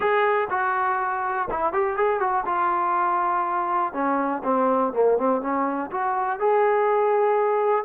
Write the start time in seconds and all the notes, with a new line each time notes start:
0.00 G#4
0.49 F#4
1.50 E4
1.72 G4
1.96 G#4
2.20 F#4
2.45 F4
3.93 C#4
4.44 C4
4.93 A#3
5.17 C4
5.41 C#4
5.90 F#4
6.39 G#4